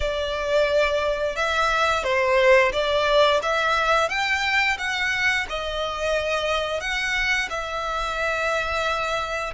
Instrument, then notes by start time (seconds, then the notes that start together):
violin
0.00 D5
1.36 E5
2.03 C5
2.72 D5
3.42 E5
4.09 G5
4.78 F#5
5.49 D#5
6.80 F#5
7.49 E5